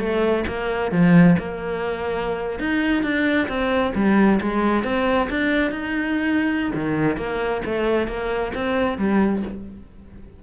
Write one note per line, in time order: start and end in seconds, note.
0.00 0.45 A3
0.48 0.92 A#3
0.92 1.37 F3
1.39 2.60 A#3
2.60 3.04 D#4
3.04 3.48 D4
3.48 3.93 C4
3.95 4.40 G3
4.41 4.84 G#3
4.84 5.29 C4
5.30 5.72 D4
5.72 6.72 D#4
6.75 7.17 D#3
7.17 7.62 A#3
7.66 8.08 A3
8.08 8.53 A#3
8.55 8.98 C4
8.98 9.43 G3